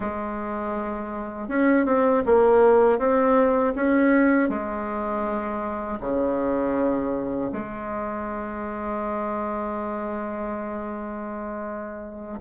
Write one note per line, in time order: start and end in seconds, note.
0.00 1.48 G#3
1.48 1.85 C#4
1.85 2.23 C4
2.26 2.98 A#3
2.98 3.73 C4
3.75 4.49 C#4
4.49 5.99 G#3
6.00 7.50 C#3
7.52 12.40 G#3